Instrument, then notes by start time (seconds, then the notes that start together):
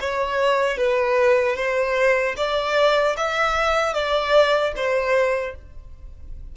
violin
0.00 C#5
0.77 B4
1.56 C5
2.36 D5
3.16 E5
3.93 D5
4.75 C5